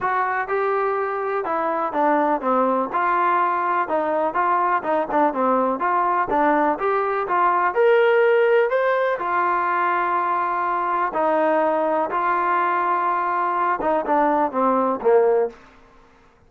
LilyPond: \new Staff \with { instrumentName = "trombone" } { \time 4/4 \tempo 4 = 124 fis'4 g'2 e'4 | d'4 c'4 f'2 | dis'4 f'4 dis'8 d'8 c'4 | f'4 d'4 g'4 f'4 |
ais'2 c''4 f'4~ | f'2. dis'4~ | dis'4 f'2.~ | f'8 dis'8 d'4 c'4 ais4 | }